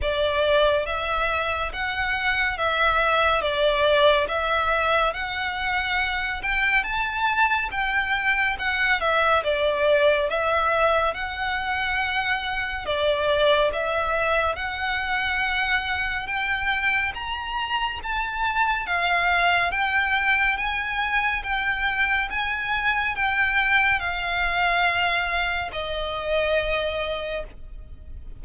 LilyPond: \new Staff \with { instrumentName = "violin" } { \time 4/4 \tempo 4 = 70 d''4 e''4 fis''4 e''4 | d''4 e''4 fis''4. g''8 | a''4 g''4 fis''8 e''8 d''4 | e''4 fis''2 d''4 |
e''4 fis''2 g''4 | ais''4 a''4 f''4 g''4 | gis''4 g''4 gis''4 g''4 | f''2 dis''2 | }